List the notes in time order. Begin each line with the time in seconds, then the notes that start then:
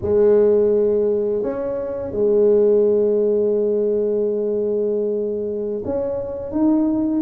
0.01 G#3
1.42 C#4
2.11 G#3
5.84 C#4
6.51 D#4